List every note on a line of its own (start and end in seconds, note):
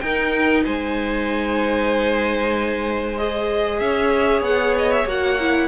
0.00 0.65 D#4
0.00 3.18 D#4
0.00 0.64 A#4
0.00 0.63 G5
0.64 3.80 G#3
0.64 3.79 C5
0.64 3.17 G#5
3.17 5.07 G#4
3.17 3.79 D#5
3.79 4.41 C#4
3.79 5.68 C#5
3.79 4.43 E5
4.41 5.04 B3
4.41 4.75 F#5
4.78 4.92 D#5
4.92 5.07 E5
5.05 5.68 A#3
5.05 5.38 F#4
5.05 5.68 F#5
5.40 5.68 E4